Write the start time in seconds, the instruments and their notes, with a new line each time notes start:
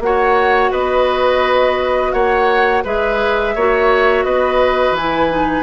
0.00 bassoon A#3, clarinet F#4, oboe C#5, flute F#5
0.72 bassoon B3, oboe B4, flute D#5
2.12 bassoon A#3, oboe C#5, flute F#5
2.84 bassoon G#3, clarinet G#4, oboe B4, flute E5
3.55 bassoon A#3, clarinet F#4, oboe C#5
4.24 bassoon B3, oboe B4, flute D#5
4.91 bassoon E3, flute G#5
4.99 clarinet E4
5.31 clarinet D#4